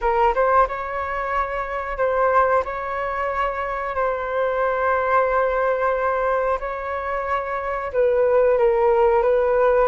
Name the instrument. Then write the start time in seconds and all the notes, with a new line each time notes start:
flute
0.01 A#4
0.34 C5
0.67 C#5
1.98 C5
2.64 C#5
3.95 C5
6.60 C#5
7.92 B4
8.57 A#4
9.22 B4